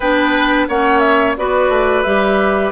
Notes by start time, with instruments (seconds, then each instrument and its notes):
0.00 bassoon B3, clarinet D4, oboe B4, flute G5
0.68 bassoon A#3, clarinet C#4, oboe C#5, flute F#5
0.99 flute E5
1.37 bassoon B3, clarinet F#4, oboe B4, flute D5
1.69 bassoon A3
2.02 bassoon G3, clarinet G4, flute E5